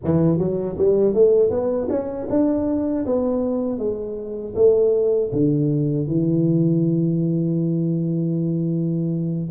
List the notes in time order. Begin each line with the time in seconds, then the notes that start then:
0.04 E3
0.38 F#3
0.78 G3
1.14 A3
1.50 B3
1.89 C#4
2.29 D4
3.06 B3
3.78 G#3
4.55 A3
5.32 D3
6.07 E3